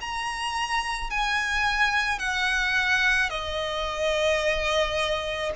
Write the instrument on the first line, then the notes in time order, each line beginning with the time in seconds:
violin
0.00 A#5
1.10 G#5
2.19 F#5
3.30 D#5